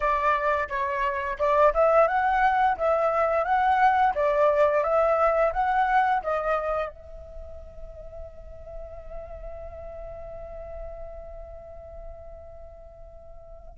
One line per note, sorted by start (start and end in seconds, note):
0.00 0.68 D5
0.68 1.37 C#5
1.39 1.73 D5
1.74 2.07 E5
2.07 2.76 F#5
2.77 3.44 E5
3.44 4.13 F#5
4.14 4.83 D5
4.83 5.52 E5
5.53 6.22 F#5
6.22 6.88 D#5
6.88 13.77 E5